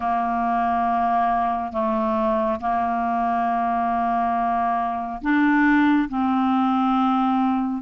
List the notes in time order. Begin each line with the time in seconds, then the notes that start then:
0.00 A#3
1.72 A3
2.60 A#3
5.21 D4
6.09 C4